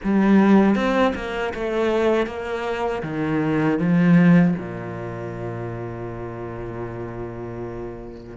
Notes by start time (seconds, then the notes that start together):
0.03 G3
0.75 C4
1.15 A#3
1.54 A3
2.26 A#3
3.02 D#3
3.78 F3
4.57 A#2